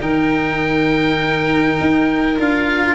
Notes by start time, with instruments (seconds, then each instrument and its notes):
0.00 tuba D#3, cello D#4, violin A#4, oboe G5
1.80 tuba D#4
2.39 tuba D4, cello F4, oboe F5